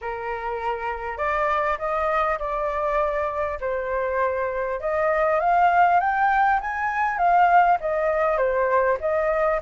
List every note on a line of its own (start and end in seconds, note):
0.01 1.17 A#4
1.17 1.77 D5
1.78 2.38 D#5
2.38 3.58 D5
3.60 4.80 C5
4.80 5.39 D#5
5.39 5.99 F5
5.99 6.59 G5
6.61 7.18 G#5
7.18 7.78 F5
7.80 8.37 D#5
8.37 8.97 C5
9.00 9.60 D#5